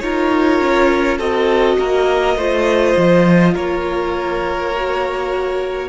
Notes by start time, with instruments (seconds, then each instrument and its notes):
0.00 cello D#4, viola F4, violin A#4 C#5
0.60 cello C#4
1.18 cello C4, viola F#4, violin A4 D#5
1.79 cello A#3, violin A#4
2.36 cello A3, viola F4, violin C5
2.97 cello F3
3.54 cello A#3, violin A#4 C#5
4.76 viola F#4